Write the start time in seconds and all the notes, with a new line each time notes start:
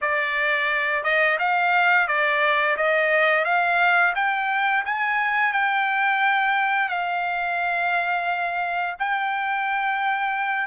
0.01 D5
1.03 D#5
1.38 F5
2.07 D5
2.76 D#5
3.44 F5
4.15 G5
4.85 G#5
5.52 G5
6.88 F5
8.99 G5